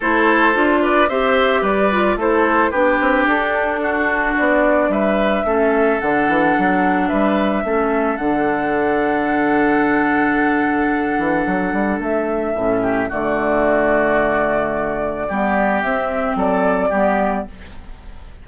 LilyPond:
<<
  \new Staff \with { instrumentName = "flute" } { \time 4/4 \tempo 4 = 110 c''4. d''8 e''4 d''4 | c''4 b'4 a'2 | d''4 e''2 fis''4~ | fis''4 e''2 fis''4~ |
fis''1~ | fis''2 e''2 | d''1~ | d''4 e''4 d''2 | }
  \new Staff \with { instrumentName = "oboe" } { \time 4/4 a'4. b'8 c''4 b'4 | a'4 g'2 fis'4~ | fis'4 b'4 a'2~ | a'4 b'4 a'2~ |
a'1~ | a'2.~ a'8 g'8 | fis'1 | g'2 a'4 g'4 | }
  \new Staff \with { instrumentName = "clarinet" } { \time 4/4 e'4 f'4 g'4. f'8 | e'4 d'2.~ | d'2 cis'4 d'4~ | d'2 cis'4 d'4~ |
d'1~ | d'2. cis'4 | a1 | b4 c'2 b4 | }
  \new Staff \with { instrumentName = "bassoon" } { \time 4/4 a4 d'4 c'4 g4 | a4 b8 c'8 d'2 | b4 g4 a4 d8 e8 | fis4 g4 a4 d4~ |
d1~ | d8 e8 fis8 g8 a4 a,4 | d1 | g4 c'4 fis4 g4 | }
>>